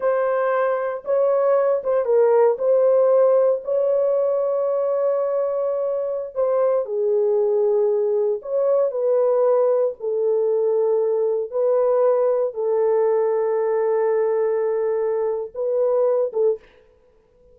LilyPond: \new Staff \with { instrumentName = "horn" } { \time 4/4 \tempo 4 = 116 c''2 cis''4. c''8 | ais'4 c''2 cis''4~ | cis''1~ | cis''16 c''4 gis'2~ gis'8.~ |
gis'16 cis''4 b'2 a'8.~ | a'2~ a'16 b'4.~ b'16~ | b'16 a'2.~ a'8.~ | a'2 b'4. a'8 | }